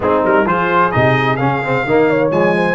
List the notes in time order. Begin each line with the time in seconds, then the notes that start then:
0.00 G#3 C4 D#4 G#4
0.24 G3 A#4
0.45 F3 F4 G#4 C5
0.91 C3 D#4 D#5
1.36 C#3 C#4 F5
1.63 C4
1.85 D#3 A#3 D#5
2.09 C#5
2.30 F3 G#3 G#5
2.56 C5